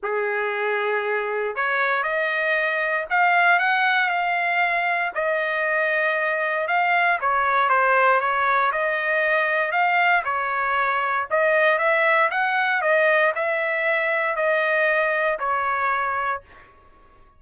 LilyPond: \new Staff \with { instrumentName = "trumpet" } { \time 4/4 \tempo 4 = 117 gis'2. cis''4 | dis''2 f''4 fis''4 | f''2 dis''2~ | dis''4 f''4 cis''4 c''4 |
cis''4 dis''2 f''4 | cis''2 dis''4 e''4 | fis''4 dis''4 e''2 | dis''2 cis''2 | }